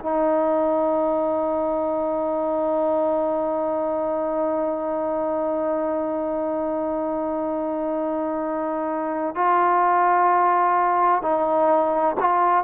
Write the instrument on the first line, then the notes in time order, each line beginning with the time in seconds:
trombone
0.00 D#4
9.36 F4
11.22 D#4
12.20 F4